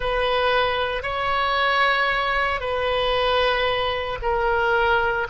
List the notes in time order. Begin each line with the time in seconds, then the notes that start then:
0.00 B4
1.02 C#5
2.60 B4
4.22 A#4